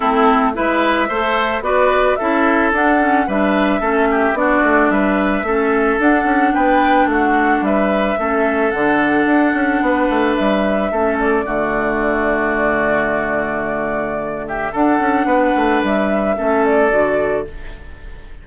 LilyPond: <<
  \new Staff \with { instrumentName = "flute" } { \time 4/4 \tempo 4 = 110 a'4 e''2 d''4 | e''4 fis''4 e''2 | d''4 e''2 fis''4 | g''4 fis''4 e''2 |
fis''2. e''4~ | e''8 d''2.~ d''8~ | d''2~ d''8 e''8 fis''4~ | fis''4 e''4. d''4. | }
  \new Staff \with { instrumentName = "oboe" } { \time 4/4 e'4 b'4 c''4 b'4 | a'2 b'4 a'8 g'8 | fis'4 b'4 a'2 | b'4 fis'4 b'4 a'4~ |
a'2 b'2 | a'4 fis'2.~ | fis'2~ fis'8 g'8 a'4 | b'2 a'2 | }
  \new Staff \with { instrumentName = "clarinet" } { \time 4/4 c'4 e'4 a'4 fis'4 | e'4 d'8 cis'8 d'4 cis'4 | d'2 cis'4 d'4~ | d'2. cis'4 |
d'1 | cis'4 a2.~ | a2. d'4~ | d'2 cis'4 fis'4 | }
  \new Staff \with { instrumentName = "bassoon" } { \time 4/4 a4 gis4 a4 b4 | cis'4 d'4 g4 a4 | b8 a8 g4 a4 d'8 cis'8 | b4 a4 g4 a4 |
d4 d'8 cis'8 b8 a8 g4 | a4 d2.~ | d2. d'8 cis'8 | b8 a8 g4 a4 d4 | }
>>